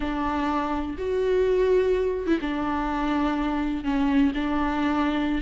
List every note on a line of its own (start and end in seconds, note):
0.00 0.96 D4
0.98 2.26 F#4
2.26 2.38 E4
2.41 3.84 D4
3.84 4.32 C#4
4.34 5.41 D4